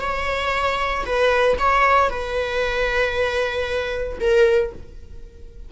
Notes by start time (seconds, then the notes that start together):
0.00 C#5
1.05 B4
1.58 C#5
2.10 B4
4.20 A#4